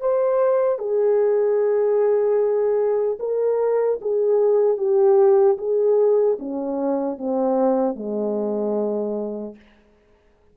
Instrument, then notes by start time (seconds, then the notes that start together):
horn
0.00 C5
0.78 G#4
3.19 A#4
4.01 G#4
4.77 G4
5.57 G#4
6.39 C#4
7.17 C4
7.95 G#3